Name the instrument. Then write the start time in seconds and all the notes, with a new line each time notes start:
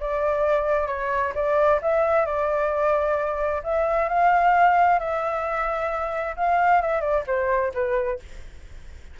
flute
0.00 D5
0.87 C#5
1.35 D5
1.82 E5
2.26 D5
3.63 E5
4.09 F5
4.99 E5
6.36 F5
6.82 E5
7.01 D5
7.27 C5
7.74 B4